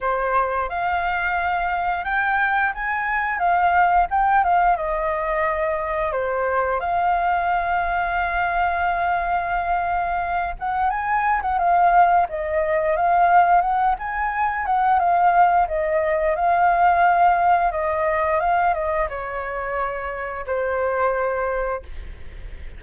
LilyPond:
\new Staff \with { instrumentName = "flute" } { \time 4/4 \tempo 4 = 88 c''4 f''2 g''4 | gis''4 f''4 g''8 f''8 dis''4~ | dis''4 c''4 f''2~ | f''2.~ f''8 fis''8 |
gis''8. fis''16 f''4 dis''4 f''4 | fis''8 gis''4 fis''8 f''4 dis''4 | f''2 dis''4 f''8 dis''8 | cis''2 c''2 | }